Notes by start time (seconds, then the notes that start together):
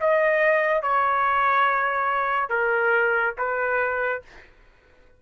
0.00 D#5
0.82 C#5
2.49 A#4
3.38 B4